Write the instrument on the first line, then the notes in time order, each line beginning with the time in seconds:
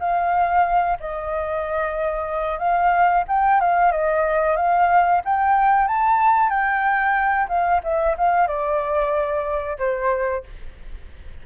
flute
0.00 F5
1.00 D#5
2.59 F5
3.28 G5
3.61 F5
3.92 D#5
4.57 F5
5.25 G5
5.88 A5
6.50 G5
7.49 F5
7.84 E5
8.18 F5
8.48 D5
9.79 C5